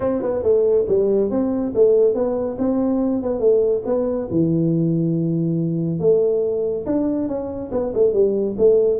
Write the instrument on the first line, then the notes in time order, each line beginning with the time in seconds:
tuba
0.00 C4
0.21 B3
0.42 A3
0.88 G3
1.30 C4
1.75 A3
2.14 B3
2.58 C4
3.22 B3
3.39 A3
3.85 B3
4.30 E3
5.99 A3
6.86 D4
7.28 C#4
7.71 B3
7.94 A3
8.13 G3
8.57 A3